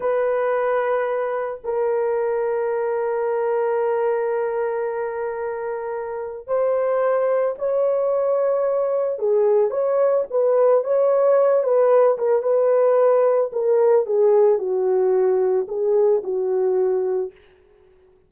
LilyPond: \new Staff \with { instrumentName = "horn" } { \time 4/4 \tempo 4 = 111 b'2. ais'4~ | ais'1~ | ais'1 | c''2 cis''2~ |
cis''4 gis'4 cis''4 b'4 | cis''4. b'4 ais'8 b'4~ | b'4 ais'4 gis'4 fis'4~ | fis'4 gis'4 fis'2 | }